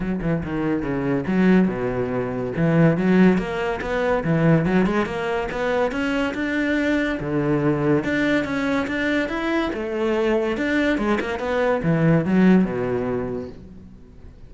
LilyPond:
\new Staff \with { instrumentName = "cello" } { \time 4/4 \tempo 4 = 142 fis8 e8 dis4 cis4 fis4 | b,2 e4 fis4 | ais4 b4 e4 fis8 gis8 | ais4 b4 cis'4 d'4~ |
d'4 d2 d'4 | cis'4 d'4 e'4 a4~ | a4 d'4 gis8 ais8 b4 | e4 fis4 b,2 | }